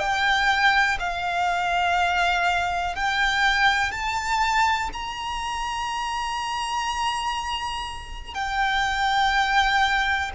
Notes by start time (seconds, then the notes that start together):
0.00 G5
1.00 F5
2.96 G5
3.92 A5
4.94 A#5
8.35 G5